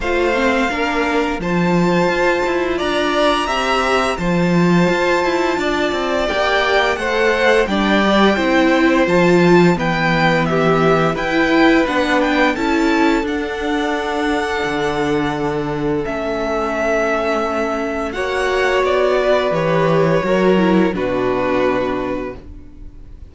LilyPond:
<<
  \new Staff \with { instrumentName = "violin" } { \time 4/4 \tempo 4 = 86 f''2 a''2 | ais''2 a''2~ | a''4 g''4 fis''4 g''4~ | g''4 a''4 g''4 e''4 |
g''4 fis''8 g''8 a''4 fis''4~ | fis''2. e''4~ | e''2 fis''4 d''4 | cis''2 b'2 | }
  \new Staff \with { instrumentName = "violin" } { \time 4/4 c''4 ais'4 c''2 | d''4 e''4 c''2 | d''2 c''4 d''4 | c''2 b'4 g'4 |
b'2 a'2~ | a'1~ | a'2 cis''4. b'8~ | b'4 ais'4 fis'2 | }
  \new Staff \with { instrumentName = "viola" } { \time 4/4 f'8 c'8 d'4 f'2~ | f'4 g'4 f'2~ | f'4 g'4 a'4 d'8 g'8 | e'4 f'4 b2 |
e'4 d'4 e'4 d'4~ | d'2. cis'4~ | cis'2 fis'2 | g'4 fis'8 e'8 d'2 | }
  \new Staff \with { instrumentName = "cello" } { \time 4/4 a4 ais4 f4 f'8 e'8 | d'4 c'4 f4 f'8 e'8 | d'8 c'8 ais4 a4 g4 | c'4 f4 e2 |
e'4 b4 cis'4 d'4~ | d'4 d2 a4~ | a2 ais4 b4 | e4 fis4 b,2 | }
>>